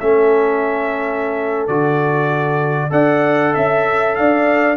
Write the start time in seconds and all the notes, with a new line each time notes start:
0.00 A3 C#4 A4 E5
1.67 D3 F#4 D5
2.90 D4 A4 D5 F#5
3.53 C#4 E5
4.15 D4 D5 F5